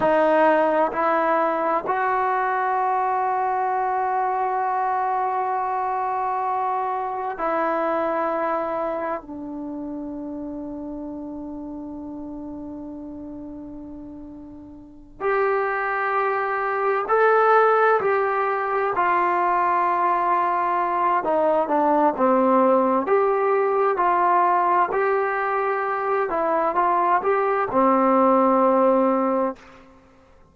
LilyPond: \new Staff \with { instrumentName = "trombone" } { \time 4/4 \tempo 4 = 65 dis'4 e'4 fis'2~ | fis'1 | e'2 d'2~ | d'1~ |
d'8 g'2 a'4 g'8~ | g'8 f'2~ f'8 dis'8 d'8 | c'4 g'4 f'4 g'4~ | g'8 e'8 f'8 g'8 c'2 | }